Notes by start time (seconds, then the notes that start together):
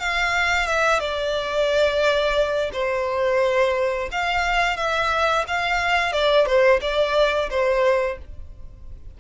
0.00 F5
0.67 E5
1.00 D5
2.73 C5
4.12 F5
4.77 E5
5.48 F5
6.12 D5
6.46 C5
6.82 D5
7.50 C5